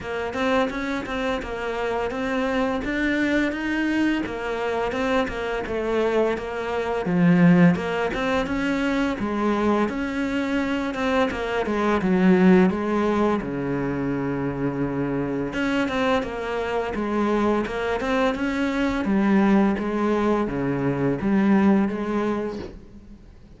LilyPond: \new Staff \with { instrumentName = "cello" } { \time 4/4 \tempo 4 = 85 ais8 c'8 cis'8 c'8 ais4 c'4 | d'4 dis'4 ais4 c'8 ais8 | a4 ais4 f4 ais8 c'8 | cis'4 gis4 cis'4. c'8 |
ais8 gis8 fis4 gis4 cis4~ | cis2 cis'8 c'8 ais4 | gis4 ais8 c'8 cis'4 g4 | gis4 cis4 g4 gis4 | }